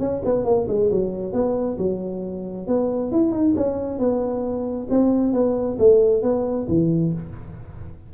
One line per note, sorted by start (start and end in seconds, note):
0.00 0.22 C#4
0.25 0.45 B3
0.45 0.67 A#3
0.69 0.91 G#3
0.91 1.33 F#3
1.33 1.78 B3
1.79 2.67 F#3
2.68 3.12 B3
3.12 3.32 E4
3.32 3.55 D#4
3.56 3.99 C#4
3.99 4.88 B3
4.90 5.34 C4
5.34 5.78 B3
5.79 6.23 A3
6.23 6.67 B3
6.69 7.13 E3